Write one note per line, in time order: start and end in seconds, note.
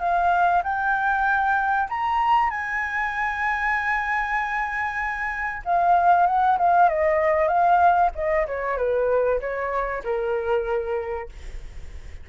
0.00 0.62 F5
0.64 1.89 G5
1.89 2.50 A#5
2.50 5.62 G#5
5.65 6.27 F5
6.27 6.58 F#5
6.59 6.89 F5
6.89 7.48 D#5
7.48 8.11 F5
8.15 8.47 D#5
8.47 8.78 C#5
8.78 9.40 B4
9.41 10.03 C#5
10.04 11.29 A#4